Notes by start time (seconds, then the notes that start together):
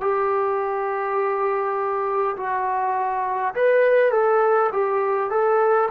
0.00 G4
2.36 F#4
3.54 B4
4.11 A4
4.72 G4
5.30 A4